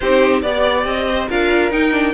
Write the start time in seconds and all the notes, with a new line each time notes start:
0.00 C4 D#4 G4 C5
0.42 B3 G4 D5
0.85 C4 D#5
1.10 C5
1.29 D4 F4 A#4 F5
1.70 D#4 G5
1.91 D4